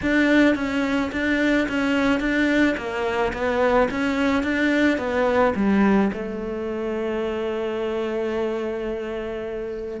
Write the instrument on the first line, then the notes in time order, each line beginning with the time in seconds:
cello
0.02 D4
0.55 C#4
1.12 D4
1.68 C#4
2.20 D4
2.77 A#3
3.33 B3
3.90 C#4
4.43 D4
4.97 B3
5.55 G3
6.13 A3